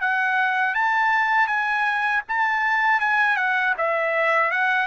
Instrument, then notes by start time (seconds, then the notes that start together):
trumpet
0.00 F#5
0.74 A5
1.47 G#5
2.28 A5
3.00 G#5
3.36 F#5
3.77 E5
4.51 F#5